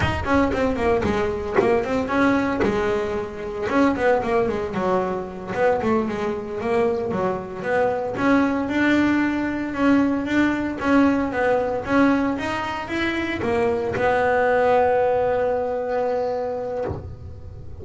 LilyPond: \new Staff \with { instrumentName = "double bass" } { \time 4/4 \tempo 4 = 114 dis'8 cis'8 c'8 ais8 gis4 ais8 c'8 | cis'4 gis2 cis'8 b8 | ais8 gis8 fis4. b8 a8 gis8~ | gis8 ais4 fis4 b4 cis'8~ |
cis'8 d'2 cis'4 d'8~ | d'8 cis'4 b4 cis'4 dis'8~ | dis'8 e'4 ais4 b4.~ | b1 | }